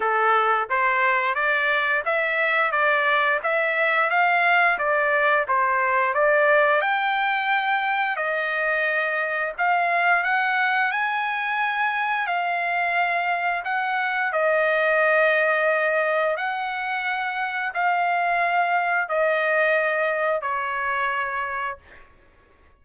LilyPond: \new Staff \with { instrumentName = "trumpet" } { \time 4/4 \tempo 4 = 88 a'4 c''4 d''4 e''4 | d''4 e''4 f''4 d''4 | c''4 d''4 g''2 | dis''2 f''4 fis''4 |
gis''2 f''2 | fis''4 dis''2. | fis''2 f''2 | dis''2 cis''2 | }